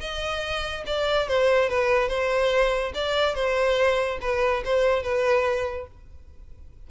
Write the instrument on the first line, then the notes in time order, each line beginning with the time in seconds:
violin
0.00 D#5
0.86 D5
1.28 C5
1.69 B4
2.08 C5
2.94 D5
3.35 C5
4.21 B4
4.65 C5
5.03 B4